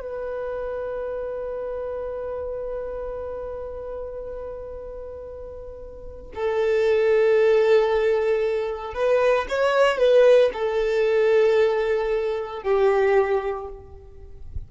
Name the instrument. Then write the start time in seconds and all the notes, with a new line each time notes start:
violin
0.00 B4
6.34 A4
8.94 B4
9.48 C#5
9.98 B4
10.53 A4
12.62 G4